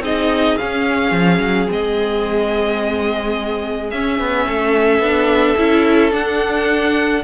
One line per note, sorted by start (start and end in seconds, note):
0.00 0.56 C4
0.00 0.59 D#4
0.00 4.47 G#4
0.00 0.58 D#5
0.58 1.68 C#4
0.58 1.12 C#4
0.58 1.69 F5
1.12 1.39 F3
1.40 1.68 F#3
1.68 3.93 G#3
1.68 3.90 C4
1.68 3.91 D#5
3.91 4.20 C#4
3.91 5.03 C#4
3.91 6.13 E5
4.20 4.47 B3
4.47 4.99 A3
4.47 7.24 A4
4.99 5.55 B3
4.99 5.58 D4
5.58 6.13 C#4
5.58 6.11 E4
6.11 7.22 D4
6.11 7.24 D4
6.11 7.24 F#5